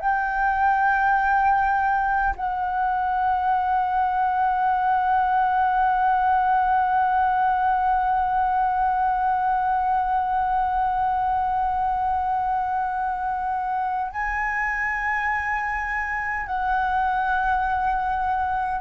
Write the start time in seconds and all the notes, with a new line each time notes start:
0.00 G5
2.36 F#5
14.12 G#5
16.47 F#5